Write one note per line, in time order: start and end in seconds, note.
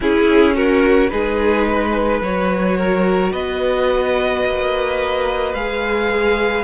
0.00 1.09 C#4
0.00 1.11 C#4
0.00 0.55 E4
0.00 0.56 G#4
0.55 1.10 F#4
0.55 1.09 A#4
1.09 2.21 G#3
1.09 2.22 D#4
1.09 1.68 G#4
1.09 2.20 B4
1.69 2.77 B4
2.21 3.32 F#3
2.21 5.56 F#4
2.21 3.32 C#5
2.77 3.32 A#4
3.32 4.44 B3
3.32 6.63 B4
3.32 5.53 D#5
4.45 5.54 A#3
5.53 6.63 G#3
5.53 6.63 G#4
5.53 6.63 F5